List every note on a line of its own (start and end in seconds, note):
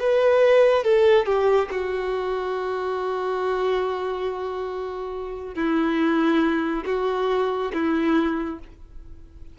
0.00 0.85 B4
0.85 1.26 A4
1.26 1.69 G4
1.71 5.56 F#4
5.56 6.84 E4
6.86 7.72 F#4
7.74 8.59 E4